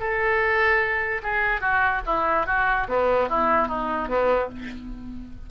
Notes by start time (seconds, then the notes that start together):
0.00 A4
1.23 G#4
1.61 F#4
2.06 E4
2.46 F#4
2.88 B3
3.29 E4
3.68 D#4
4.08 B3